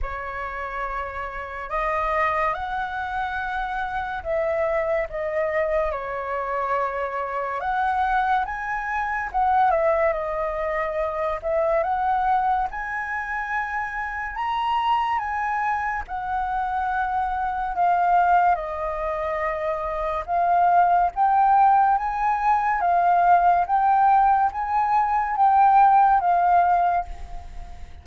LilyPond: \new Staff \with { instrumentName = "flute" } { \time 4/4 \tempo 4 = 71 cis''2 dis''4 fis''4~ | fis''4 e''4 dis''4 cis''4~ | cis''4 fis''4 gis''4 fis''8 e''8 | dis''4. e''8 fis''4 gis''4~ |
gis''4 ais''4 gis''4 fis''4~ | fis''4 f''4 dis''2 | f''4 g''4 gis''4 f''4 | g''4 gis''4 g''4 f''4 | }